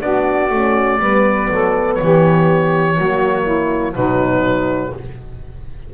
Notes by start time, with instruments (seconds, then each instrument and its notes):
0.00 double bass B3, horn D4, saxophone F#4, oboe D5
0.49 double bass A3, horn C#4
0.99 double bass G3, horn B3, saxophone B4
1.50 double bass F#3, saxophone A4
1.94 oboe C#5
2.01 double bass E3, saxophone G4
2.95 double bass F#3, horn A#3, saxophone F#4
3.43 saxophone E4
3.94 double bass B2, horn F#3, saxophone D#4, oboe B4